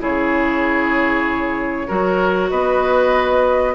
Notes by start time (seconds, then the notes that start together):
0.00 C#3 E4 G#4 C#5
1.88 F#3 F#4 A#4
2.50 B3 B4 D#5